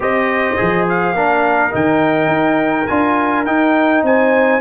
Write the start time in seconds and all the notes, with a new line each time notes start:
0.00 C4 G4 C5 D#5
0.57 F3 G#4
0.89 F5
1.13 A#3 D4 A#4
1.70 D#3 D#4 G5
2.27 D#4
2.86 D4 F4 G#5
3.45 D#4 G5
4.02 C4 C5 G#5